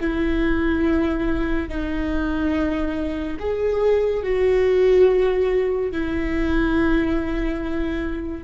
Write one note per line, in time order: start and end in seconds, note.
0.00 1.69 E4
1.69 3.38 D#4
3.39 4.23 G#4
4.23 5.92 F#4
5.92 8.44 E4